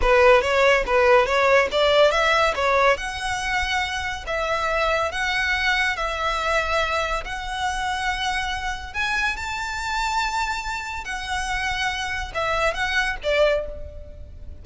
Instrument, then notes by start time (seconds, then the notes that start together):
violin
0.01 B4
0.41 C#5
0.86 B4
1.26 C#5
1.71 D5
2.11 E5
2.55 C#5
2.97 F#5
4.26 E5
5.11 F#5
5.96 E5
7.24 F#5
8.93 G#5
9.36 A5
11.04 F#5
12.34 E5
12.73 F#5
13.23 D5